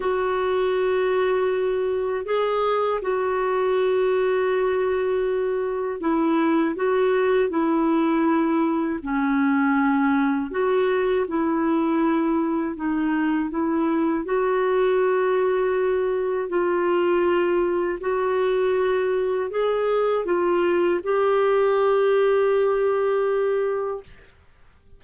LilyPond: \new Staff \with { instrumentName = "clarinet" } { \time 4/4 \tempo 4 = 80 fis'2. gis'4 | fis'1 | e'4 fis'4 e'2 | cis'2 fis'4 e'4~ |
e'4 dis'4 e'4 fis'4~ | fis'2 f'2 | fis'2 gis'4 f'4 | g'1 | }